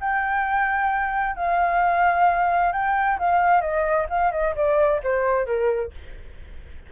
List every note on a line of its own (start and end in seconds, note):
0.00 1.36 G5
1.36 2.72 F5
2.72 3.17 G5
3.19 3.61 F5
3.61 4.06 D#5
4.09 4.31 F5
4.31 4.54 D#5
4.55 5.00 D5
5.03 5.46 C5
5.46 5.91 A#4